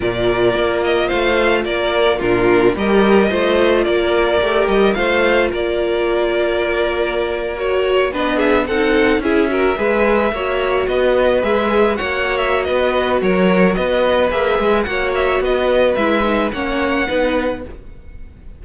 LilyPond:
<<
  \new Staff \with { instrumentName = "violin" } { \time 4/4 \tempo 4 = 109 d''4. dis''8 f''4 d''4 | ais'4 dis''2 d''4~ | d''8 dis''8 f''4 d''2~ | d''4.~ d''16 cis''4 dis''8 e''8 fis''16~ |
fis''8. e''2. dis''16~ | dis''8. e''4 fis''8. e''8 dis''4 | cis''4 dis''4 e''4 fis''8 e''8 | dis''4 e''4 fis''2 | }
  \new Staff \with { instrumentName = "violin" } { \time 4/4 ais'2 c''4 ais'4 | f'4 ais'4 c''4 ais'4~ | ais'4 c''4 ais'2~ | ais'2~ ais'8. b'8 gis'8 a'16~ |
a'8. gis'8 ais'8 b'4 cis''4 b'16~ | b'4.~ b'16 cis''4~ cis''16 b'4 | ais'4 b'2 cis''4 | b'2 cis''4 b'4 | }
  \new Staff \with { instrumentName = "viola" } { \time 4/4 f'1 | d'4 g'4 f'2 | g'4 f'2.~ | f'4.~ f'16 fis'4 d'4 dis'16~ |
dis'8. e'8 fis'8 gis'4 fis'4~ fis'16~ | fis'8. gis'4 fis'2~ fis'16~ | fis'2 gis'4 fis'4~ | fis'4 e'8 dis'8 cis'4 dis'4 | }
  \new Staff \with { instrumentName = "cello" } { \time 4/4 ais,4 ais4 a4 ais4 | ais,4 g4 a4 ais4 | a8 g8 a4 ais2~ | ais2~ ais8. b4 c'16~ |
c'8. cis'4 gis4 ais4 b16~ | b8. gis4 ais4~ ais16 b4 | fis4 b4 ais8 gis8 ais4 | b4 gis4 ais4 b4 | }
>>